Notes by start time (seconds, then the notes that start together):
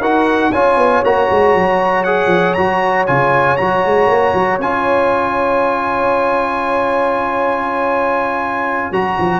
0.00 D#4 F#4 A#4 F#5
0.51 C#4 F4 C#5 G#5
0.77 B3
1.03 A#3 F#4 A#5
1.30 G#3
1.54 F#3
2.03 G#4 F#5
2.26 F3
2.53 F#3 F#4 A#5
3.06 C#3 F4 G#5
3.56 F#3 F#4 A#5
3.85 G#3
4.07 A#3
4.33 F#3
4.58 C#4 F4 G#5
8.91 F#3 F#4 A#5
9.18 F3